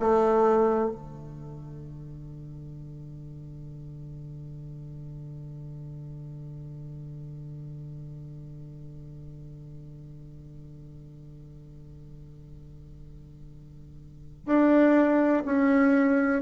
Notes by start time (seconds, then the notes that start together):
0.00 A3
0.91 D3
14.46 D4
15.45 C#4